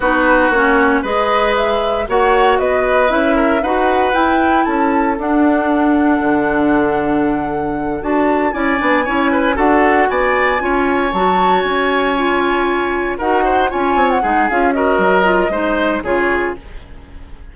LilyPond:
<<
  \new Staff \with { instrumentName = "flute" } { \time 4/4 \tempo 4 = 116 b'4 cis''4 dis''4 e''4 | fis''4 dis''4 e''4 fis''4 | g''4 a''4 fis''2~ | fis''2.~ fis''8 a''8~ |
a''8 gis''2 fis''4 gis''8~ | gis''4. a''4 gis''4.~ | gis''4. fis''4 gis''8. fis''8. | f''8 dis''2~ dis''8 cis''4 | }
  \new Staff \with { instrumentName = "oboe" } { \time 4/4 fis'2 b'2 | cis''4 b'4. ais'8 b'4~ | b'4 a'2.~ | a'1~ |
a'8 d''4 cis''8 b'8 a'4 d''8~ | d''8 cis''2.~ cis''8~ | cis''4. ais'8 c''8 cis''4 gis'8~ | gis'8 ais'4. c''4 gis'4 | }
  \new Staff \with { instrumentName = "clarinet" } { \time 4/4 dis'4 cis'4 gis'2 | fis'2 e'4 fis'4 | e'2 d'2~ | d'2.~ d'8 fis'8~ |
fis'8 e'8 d'8 e'4 fis'4.~ | fis'8 f'4 fis'2 f'8~ | f'4. fis'4 f'4 dis'8 | f'8 fis'4 f'8 dis'4 f'4 | }
  \new Staff \with { instrumentName = "bassoon" } { \time 4/4 b4 ais4 gis2 | ais4 b4 cis'4 dis'4 | e'4 cis'4 d'2 | d2.~ d8 d'8~ |
d'8 cis'8 b8 cis'4 d'4 b8~ | b8 cis'4 fis4 cis'4.~ | cis'4. dis'4 cis'8 c'8 gis8 | cis'4 fis4 gis4 cis4 | }
>>